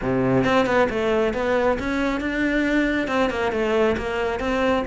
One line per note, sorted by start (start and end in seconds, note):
0.01 0.44 C3
0.44 0.66 C4
0.66 0.88 B3
0.89 1.33 A3
1.33 1.77 B3
1.79 2.20 C#4
2.20 3.07 D4
3.07 3.29 C4
3.30 3.52 A#3
3.52 3.96 A3
3.97 4.39 A#3
4.39 4.83 C4